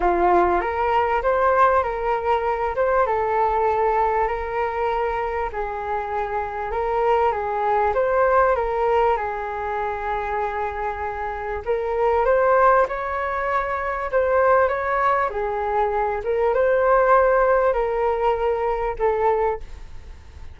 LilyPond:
\new Staff \with { instrumentName = "flute" } { \time 4/4 \tempo 4 = 98 f'4 ais'4 c''4 ais'4~ | ais'8 c''8 a'2 ais'4~ | ais'4 gis'2 ais'4 | gis'4 c''4 ais'4 gis'4~ |
gis'2. ais'4 | c''4 cis''2 c''4 | cis''4 gis'4. ais'8 c''4~ | c''4 ais'2 a'4 | }